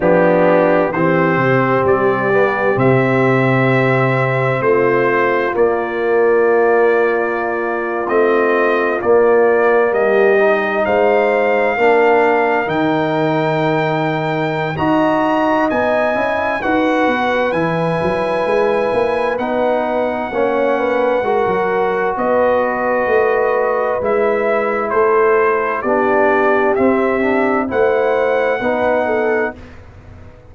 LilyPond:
<<
  \new Staff \with { instrumentName = "trumpet" } { \time 4/4 \tempo 4 = 65 g'4 c''4 d''4 e''4~ | e''4 c''4 d''2~ | d''8. dis''4 d''4 dis''4 f''16~ | f''4.~ f''16 g''2~ g''16 |
ais''4 gis''4 fis''4 gis''4~ | gis''4 fis''2. | dis''2 e''4 c''4 | d''4 e''4 fis''2 | }
  \new Staff \with { instrumentName = "horn" } { \time 4/4 d'4 g'2.~ | g'4 f'2.~ | f'2~ f'8. g'4 c''16~ | c''8. ais'2.~ ais'16 |
dis''2 b'2~ | b'2 cis''8 b'8 ais'4 | b'2. a'4 | g'2 c''4 b'8 a'8 | }
  \new Staff \with { instrumentName = "trombone" } { \time 4/4 b4 c'4. b8 c'4~ | c'2 ais2~ | ais8. c'4 ais4. dis'8.~ | dis'8. d'4 dis'2~ dis'16 |
fis'4 dis'8 e'8 fis'4 e'4~ | e'4 dis'4 cis'4 fis'4~ | fis'2 e'2 | d'4 c'8 d'8 e'4 dis'4 | }
  \new Staff \with { instrumentName = "tuba" } { \time 4/4 f4 e8 c8 g4 c4~ | c4 a4 ais2~ | ais8. a4 ais4 g4 gis16~ | gis8. ais4 dis2~ dis16 |
dis'4 b8 cis'8 dis'8 b8 e8 fis8 | gis8 ais8 b4 ais4 gis16 fis8. | b4 a4 gis4 a4 | b4 c'4 a4 b4 | }
>>